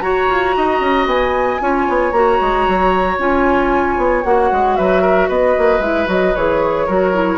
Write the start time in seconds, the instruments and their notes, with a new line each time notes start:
0.00 bassoon F#4, clarinet F#4, oboe C#5, flute A#5
0.29 bassoon F4
0.56 bassoon D#4, oboe D#5
0.80 bassoon C#4
1.05 bassoon B3, flute G#5
1.60 bassoon C#4, clarinet F4, oboe C#5
1.88 bassoon B3
2.11 bassoon A#3, clarinet F#4, flute A#5
2.41 bassoon G#3
2.68 bassoon F#3
3.18 bassoon C#4, clarinet F4, flute G#5
3.97 bassoon B3
4.24 bassoon A#3, clarinet F#4, flute F#5
4.52 bassoon G#3
4.76 bassoon F#3, oboe B4, flute E5
5.01 oboe A#4
5.28 bassoon B3, oboe B4, flute D#5
5.58 bassoon A#3
5.79 bassoon G#3, clarinet E4, flute E5
6.06 bassoon F#3, clarinet F#4, flute D#5
6.35 bassoon E3, clarinet G#4, flute C#5
6.86 bassoon F#3, clarinet F#4, oboe A#4
7.13 clarinet E4